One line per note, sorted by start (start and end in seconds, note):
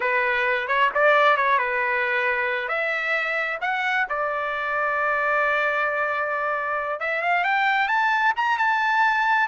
0.00 0.67 B4
0.67 0.90 C#5
0.94 1.36 D5
1.36 1.58 C#5
1.58 2.68 B4
2.68 3.58 E5
3.61 4.06 F#5
4.09 6.99 D5
6.99 7.22 E5
7.22 7.44 F5
7.44 7.88 G5
7.88 8.33 A5
8.36 8.57 A#5
8.57 9.47 A5